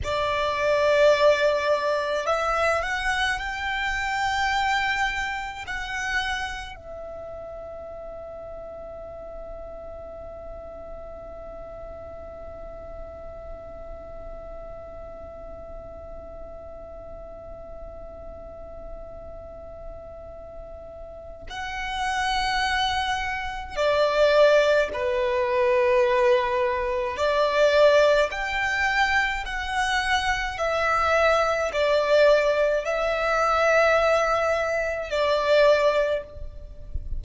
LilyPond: \new Staff \with { instrumentName = "violin" } { \time 4/4 \tempo 4 = 53 d''2 e''8 fis''8 g''4~ | g''4 fis''4 e''2~ | e''1~ | e''1~ |
e''2. fis''4~ | fis''4 d''4 b'2 | d''4 g''4 fis''4 e''4 | d''4 e''2 d''4 | }